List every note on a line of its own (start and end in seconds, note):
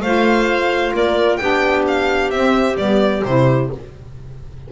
0.00 0.92 A3
0.00 1.40 F4
0.00 0.94 C5
0.00 0.93 F5
0.93 1.39 A#3
0.93 1.40 A#4
0.93 1.36 D5
1.36 2.31 B3
1.36 2.32 D4
1.36 3.70 G4
1.36 1.82 G5
1.87 2.30 F5
2.30 2.77 C4
2.30 2.78 C4
2.30 2.76 E5
2.77 3.23 G3
2.77 3.24 B3
2.77 3.23 D5
3.24 3.70 C3
3.24 3.72 E4
3.24 3.70 C5